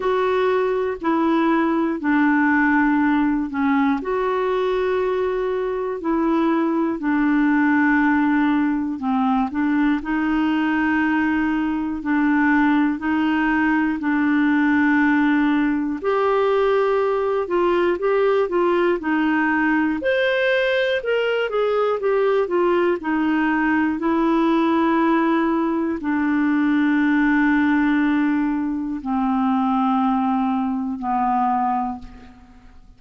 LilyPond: \new Staff \with { instrumentName = "clarinet" } { \time 4/4 \tempo 4 = 60 fis'4 e'4 d'4. cis'8 | fis'2 e'4 d'4~ | d'4 c'8 d'8 dis'2 | d'4 dis'4 d'2 |
g'4. f'8 g'8 f'8 dis'4 | c''4 ais'8 gis'8 g'8 f'8 dis'4 | e'2 d'2~ | d'4 c'2 b4 | }